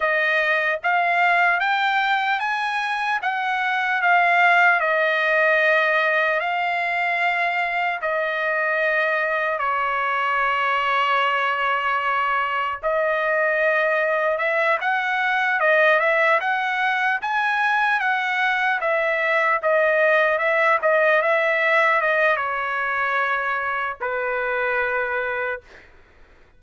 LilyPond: \new Staff \with { instrumentName = "trumpet" } { \time 4/4 \tempo 4 = 75 dis''4 f''4 g''4 gis''4 | fis''4 f''4 dis''2 | f''2 dis''2 | cis''1 |
dis''2 e''8 fis''4 dis''8 | e''8 fis''4 gis''4 fis''4 e''8~ | e''8 dis''4 e''8 dis''8 e''4 dis''8 | cis''2 b'2 | }